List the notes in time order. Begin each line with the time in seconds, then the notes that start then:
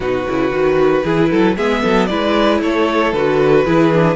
0.00 B2 D#4 F#4 B4
0.28 C#3 E4
0.51 D#3 F#4
1.03 E3 E4 G#4
1.30 F#3 A4
1.56 G#3 B3 G#4 E5
1.82 F#3 A4
2.06 G#3 E4 B4 D5
2.61 A3 A4 C#5
3.12 D3 F#4 B4
3.64 E3 E4 G#4
3.93 D4